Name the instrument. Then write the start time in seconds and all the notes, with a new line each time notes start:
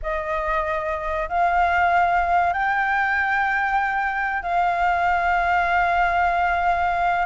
flute
0.02 D#5
1.28 F5
2.53 G5
4.42 F5